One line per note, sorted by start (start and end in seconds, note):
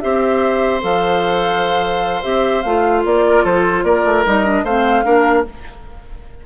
0.00 0.83 C4
0.00 0.81 G4
0.00 3.25 C5
0.00 0.81 E5
0.81 2.24 F3
0.81 2.22 A4
0.81 2.23 F5
2.23 2.64 C4
2.23 2.63 G4
2.23 2.62 E5
2.62 3.04 A3
2.62 4.26 F4
2.62 3.02 F5
3.05 3.44 A#3
3.05 3.45 D5
3.27 3.44 A#4
3.44 3.83 F3
3.44 3.84 A4
3.44 3.84 C5
3.83 4.03 A#3
3.83 4.64 A#4
3.83 4.24 D5
4.05 4.25 A3
4.26 4.63 G3
4.26 4.45 D#4
4.26 4.65 D#5
4.45 4.65 D4
4.63 5.03 A3
4.63 5.04 C4
4.63 5.05 C5
4.63 5.45 F5
5.04 5.45 A#3
5.04 5.44 D4
5.04 5.46 A#4